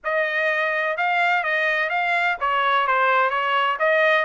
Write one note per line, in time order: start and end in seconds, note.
0.03 0.97 D#5
0.97 1.43 F5
1.43 1.89 D#5
1.89 2.37 F5
2.40 2.87 C#5
2.87 3.29 C5
3.29 3.77 C#5
3.79 4.25 D#5